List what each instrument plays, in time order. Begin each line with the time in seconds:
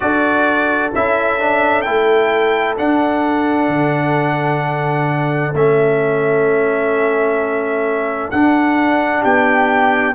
0.00 tuba D4, trombone F#4, horn A4, trumpet D5
0.94 tuba C#4, trombone E4, trumpet E5
1.39 trombone D4
1.81 tuba A3, trombone E4, trumpet G5
2.77 trombone D4, tuba D4, trumpet F#5
3.68 tuba D3
5.53 tuba A3, trombone C#4, trumpet E5
8.30 tuba D4, trombone D4, trumpet F#5
9.21 tuba B3, horn G4, trumpet G5